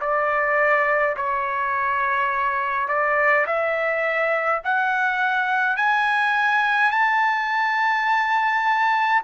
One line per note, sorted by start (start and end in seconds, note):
0.00 1.15 D5
1.16 2.88 C#5
2.88 3.46 D5
3.46 4.62 E5
4.64 5.76 F#5
5.76 6.91 G#5
6.91 9.22 A5